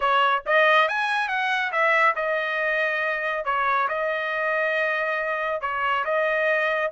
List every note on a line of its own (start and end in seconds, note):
0.00 0.43 C#5
0.46 0.88 D#5
0.88 1.28 G#5
1.28 1.71 F#5
1.71 2.15 E5
2.15 3.44 D#5
3.44 3.88 C#5
3.88 5.61 D#5
5.61 6.04 C#5
6.04 6.91 D#5